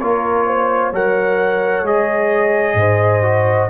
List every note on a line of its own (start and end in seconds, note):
0.00 0.92 A#3
0.00 0.93 F4
0.00 0.47 A#4
0.00 0.92 C#5
0.47 0.91 C5
0.91 1.83 F#3
0.91 1.85 A#4
0.91 2.75 C#5
0.91 1.87 F#5
1.83 2.74 G#3
1.83 3.22 G#4
1.83 3.70 D#5
2.74 3.67 G#2
2.74 3.70 C5
3.22 3.68 F#4